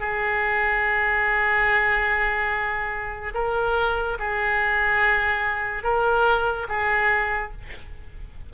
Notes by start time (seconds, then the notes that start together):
0.00 G#4
3.34 A#4
4.19 G#4
5.84 A#4
6.69 G#4